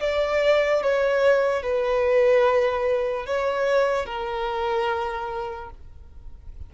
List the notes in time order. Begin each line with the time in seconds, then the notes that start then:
0.00 D5
0.82 C#5
1.62 B4
3.26 C#5
4.05 A#4